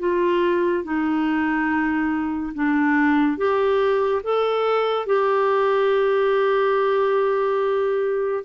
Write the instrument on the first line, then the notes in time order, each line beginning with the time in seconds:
clarinet
0.00 F4
0.85 D#4
2.55 D4
3.38 G4
4.24 A4
5.07 G4